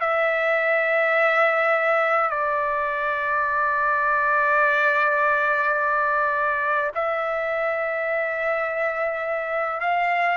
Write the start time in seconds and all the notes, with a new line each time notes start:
0.00 E5
2.30 D5
6.94 E5
9.80 F5